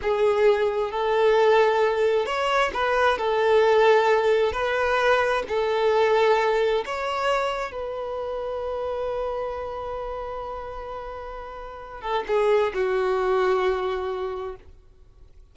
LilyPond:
\new Staff \with { instrumentName = "violin" } { \time 4/4 \tempo 4 = 132 gis'2 a'2~ | a'4 cis''4 b'4 a'4~ | a'2 b'2 | a'2. cis''4~ |
cis''4 b'2.~ | b'1~ | b'2~ b'8 a'8 gis'4 | fis'1 | }